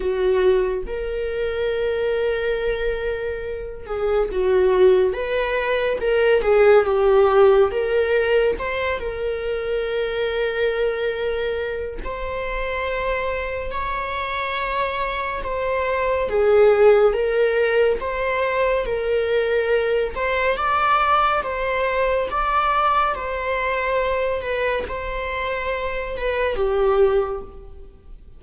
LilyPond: \new Staff \with { instrumentName = "viola" } { \time 4/4 \tempo 4 = 70 fis'4 ais'2.~ | ais'8 gis'8 fis'4 b'4 ais'8 gis'8 | g'4 ais'4 c''8 ais'4.~ | ais'2 c''2 |
cis''2 c''4 gis'4 | ais'4 c''4 ais'4. c''8 | d''4 c''4 d''4 c''4~ | c''8 b'8 c''4. b'8 g'4 | }